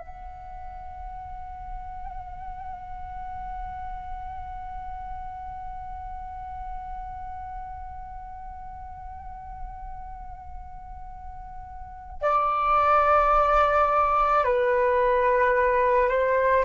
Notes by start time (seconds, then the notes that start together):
0.00 F#5
12.22 D5
14.44 B4
16.10 C5